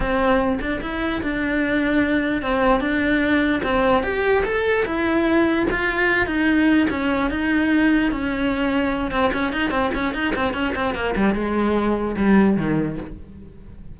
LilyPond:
\new Staff \with { instrumentName = "cello" } { \time 4/4 \tempo 4 = 148 c'4. d'8 e'4 d'4~ | d'2 c'4 d'4~ | d'4 c'4 g'4 a'4 | e'2 f'4. dis'8~ |
dis'4 cis'4 dis'2 | cis'2~ cis'8 c'8 cis'8 dis'8 | c'8 cis'8 dis'8 c'8 cis'8 c'8 ais8 g8 | gis2 g4 dis4 | }